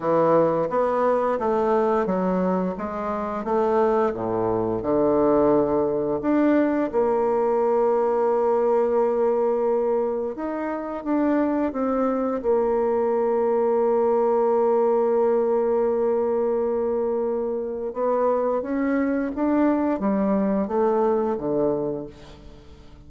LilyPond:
\new Staff \with { instrumentName = "bassoon" } { \time 4/4 \tempo 4 = 87 e4 b4 a4 fis4 | gis4 a4 a,4 d4~ | d4 d'4 ais2~ | ais2. dis'4 |
d'4 c'4 ais2~ | ais1~ | ais2 b4 cis'4 | d'4 g4 a4 d4 | }